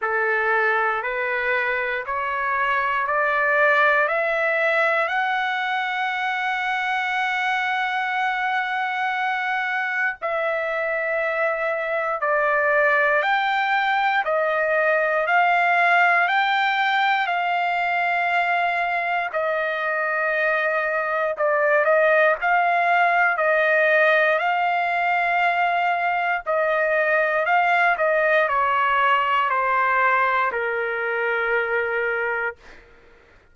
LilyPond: \new Staff \with { instrumentName = "trumpet" } { \time 4/4 \tempo 4 = 59 a'4 b'4 cis''4 d''4 | e''4 fis''2.~ | fis''2 e''2 | d''4 g''4 dis''4 f''4 |
g''4 f''2 dis''4~ | dis''4 d''8 dis''8 f''4 dis''4 | f''2 dis''4 f''8 dis''8 | cis''4 c''4 ais'2 | }